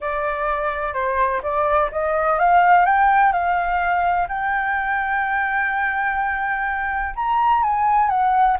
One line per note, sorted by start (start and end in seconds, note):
0.00 0.93 D5
0.93 1.41 C5
1.42 1.90 D5
1.91 2.39 D#5
2.39 2.85 F5
2.85 3.32 G5
3.32 4.27 F5
4.28 7.14 G5
7.15 7.62 A#5
7.62 8.09 G#5
8.09 8.57 F#5